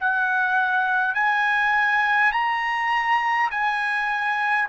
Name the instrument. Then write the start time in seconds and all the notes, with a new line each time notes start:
trumpet
0.00 F#5
1.14 G#5
2.32 A#5
3.51 G#5